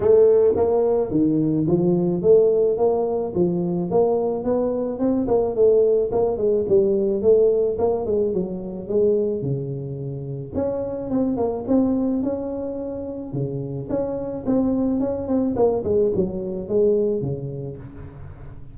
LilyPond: \new Staff \with { instrumentName = "tuba" } { \time 4/4 \tempo 4 = 108 a4 ais4 dis4 f4 | a4 ais4 f4 ais4 | b4 c'8 ais8 a4 ais8 gis8 | g4 a4 ais8 gis8 fis4 |
gis4 cis2 cis'4 | c'8 ais8 c'4 cis'2 | cis4 cis'4 c'4 cis'8 c'8 | ais8 gis8 fis4 gis4 cis4 | }